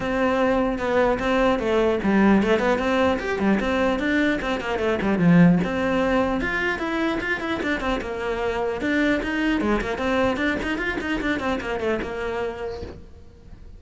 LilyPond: \new Staff \with { instrumentName = "cello" } { \time 4/4 \tempo 4 = 150 c'2 b4 c'4 | a4 g4 a8 b8 c'4 | g'8 g8 c'4 d'4 c'8 ais8 | a8 g8 f4 c'2 |
f'4 e'4 f'8 e'8 d'8 c'8 | ais2 d'4 dis'4 | gis8 ais8 c'4 d'8 dis'8 f'8 dis'8 | d'8 c'8 ais8 a8 ais2 | }